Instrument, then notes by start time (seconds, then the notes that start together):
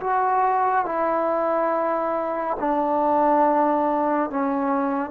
trombone
0.00 F#4
0.85 E4
2.59 D4
4.30 C#4